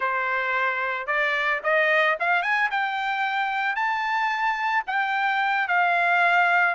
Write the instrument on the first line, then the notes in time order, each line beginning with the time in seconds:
trumpet
0.00 C5
1.07 D5
1.63 D#5
2.19 F5
2.42 G#5
2.70 G5
3.75 A5
4.86 G5
5.68 F5